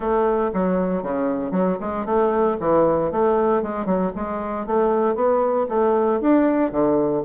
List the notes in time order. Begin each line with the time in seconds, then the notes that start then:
0.00 A3
0.53 F#3
1.02 C#3
1.51 F#3
1.80 G#3
2.05 A3
2.60 E3
3.11 A3
3.62 G#3
3.85 F#3
4.15 G#3
4.66 A3
5.15 B3
5.68 A3
6.20 D4
6.71 D3